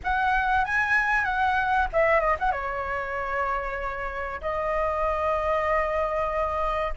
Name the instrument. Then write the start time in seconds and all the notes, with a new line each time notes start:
flute
0.03 F#5
0.64 G#5
1.24 F#5
1.92 E5
2.20 D#5
2.39 F#5
2.51 C#5
4.41 D#5